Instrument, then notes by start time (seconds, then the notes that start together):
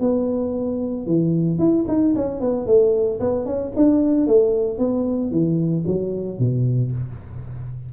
tuba
0.00 B3
1.06 E3
1.59 E4
1.88 D#4
2.16 C#4
2.40 B3
2.66 A3
3.20 B3
3.46 C#4
3.76 D4
4.27 A3
4.79 B3
5.31 E3
5.87 F#3
6.39 B2